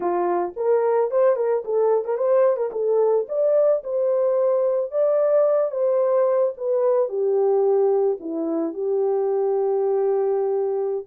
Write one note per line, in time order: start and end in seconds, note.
0.00 0.54 F4
0.56 1.10 A#4
1.10 1.36 C5
1.36 1.63 A#4
1.64 2.05 A4
2.05 2.17 A#4
2.17 2.56 C5
2.56 2.70 A#4
2.71 3.26 A4
3.28 3.83 D5
3.83 4.91 C5
4.91 5.71 D5
5.71 6.53 C5
6.57 7.08 B4
7.08 8.17 G4
8.19 8.73 E4
8.73 11.05 G4